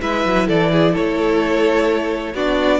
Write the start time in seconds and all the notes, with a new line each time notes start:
0.00 G#3 E4 B4 E5
0.25 F#3
0.48 E3 A4 D5
0.72 G#4
0.93 A3 A4 C#5
2.34 B3 D4 F#4 D5